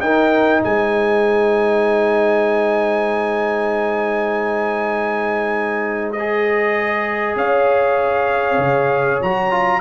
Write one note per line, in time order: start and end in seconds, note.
0.00 0.61 D#4
0.00 6.15 D#4
0.00 0.63 A#4
0.00 0.62 G5
0.63 7.36 G#3
0.63 7.37 C5
0.63 6.12 G#5
6.12 7.35 D#5
6.19 9.24 G#4
7.36 8.58 C#4
7.36 9.81 C#5
7.36 9.21 F5
8.58 9.20 C#3
9.22 9.81 F#3
9.22 9.51 F#4
9.22 9.81 A#5
9.51 9.81 F4